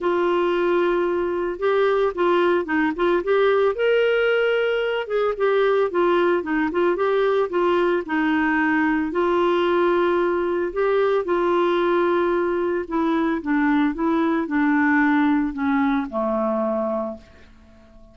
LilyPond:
\new Staff \with { instrumentName = "clarinet" } { \time 4/4 \tempo 4 = 112 f'2. g'4 | f'4 dis'8 f'8 g'4 ais'4~ | ais'4. gis'8 g'4 f'4 | dis'8 f'8 g'4 f'4 dis'4~ |
dis'4 f'2. | g'4 f'2. | e'4 d'4 e'4 d'4~ | d'4 cis'4 a2 | }